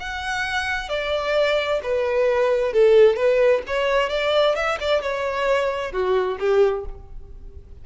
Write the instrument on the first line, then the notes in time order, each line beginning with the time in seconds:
violin
0.00 F#5
0.89 D5
1.83 B4
2.73 A4
3.16 B4
3.67 C#5
4.10 D5
4.55 E5
4.80 D5
5.02 C#5
5.92 F#4
6.39 G4